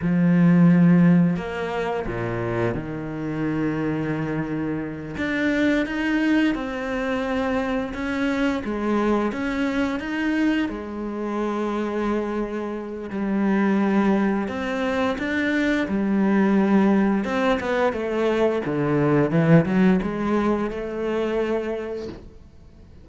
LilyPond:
\new Staff \with { instrumentName = "cello" } { \time 4/4 \tempo 4 = 87 f2 ais4 ais,4 | dis2.~ dis8 d'8~ | d'8 dis'4 c'2 cis'8~ | cis'8 gis4 cis'4 dis'4 gis8~ |
gis2. g4~ | g4 c'4 d'4 g4~ | g4 c'8 b8 a4 d4 | e8 fis8 gis4 a2 | }